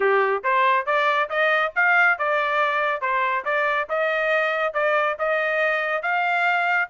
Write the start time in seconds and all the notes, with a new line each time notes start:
0.00 G4
0.43 C5
0.86 D5
1.29 D#5
1.75 F5
2.18 D5
3.01 C5
3.44 D5
3.89 D#5
4.73 D5
5.19 D#5
6.02 F5